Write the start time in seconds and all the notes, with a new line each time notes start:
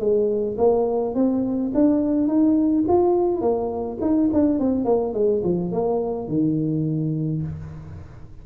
0.00 G#3
0.58 A#3
1.15 C4
1.75 D4
2.28 D#4
2.88 F4
3.41 A#3
4.02 D#4
4.34 D4
4.59 C4
4.85 A#3
5.14 G#3
5.44 F3
5.72 A#3
6.28 D#3